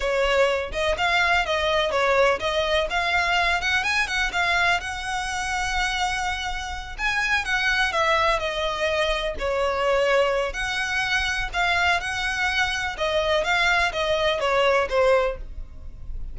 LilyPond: \new Staff \with { instrumentName = "violin" } { \time 4/4 \tempo 4 = 125 cis''4. dis''8 f''4 dis''4 | cis''4 dis''4 f''4. fis''8 | gis''8 fis''8 f''4 fis''2~ | fis''2~ fis''8 gis''4 fis''8~ |
fis''8 e''4 dis''2 cis''8~ | cis''2 fis''2 | f''4 fis''2 dis''4 | f''4 dis''4 cis''4 c''4 | }